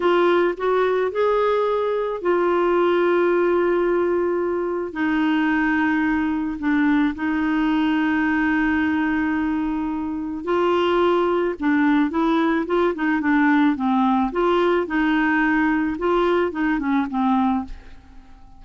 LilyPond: \new Staff \with { instrumentName = "clarinet" } { \time 4/4 \tempo 4 = 109 f'4 fis'4 gis'2 | f'1~ | f'4 dis'2. | d'4 dis'2.~ |
dis'2. f'4~ | f'4 d'4 e'4 f'8 dis'8 | d'4 c'4 f'4 dis'4~ | dis'4 f'4 dis'8 cis'8 c'4 | }